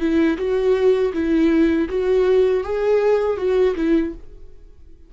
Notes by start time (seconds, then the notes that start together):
0.00 E4
0.38 F#4
1.14 E4
1.89 F#4
2.64 G#4
3.38 F#4
3.76 E4